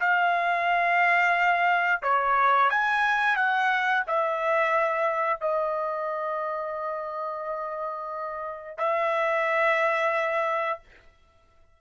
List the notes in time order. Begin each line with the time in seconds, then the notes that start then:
0.00 F5
2.03 C#5
2.70 G#5
3.36 F#5
4.08 E5
5.41 D#5
8.78 E5